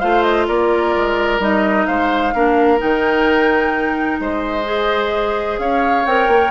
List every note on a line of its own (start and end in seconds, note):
0.00 0.49 A3
0.00 1.40 F4
0.00 0.47 C5
0.00 0.23 F5
0.23 0.46 D#5
0.48 0.96 A#3
0.48 1.87 A#4
0.48 1.41 D5
0.96 1.39 G#3
1.39 1.86 G3
1.39 2.33 D#4
1.39 1.86 D#5
1.86 2.34 G#3
1.86 2.34 C5
1.86 2.79 F5
2.34 2.81 A#3
2.34 2.78 D4
2.34 4.21 A#4
2.78 4.20 D#3
2.78 4.64 D#4
2.78 4.20 G5
4.20 5.58 G#3
4.20 5.61 C5
4.20 5.59 D#5
4.65 6.04 G#4
5.58 6.05 C#4
5.58 6.51 C#5
5.58 6.06 F5
6.06 6.28 C4
6.06 6.51 A#4
6.06 6.51 G5
6.28 6.51 A#3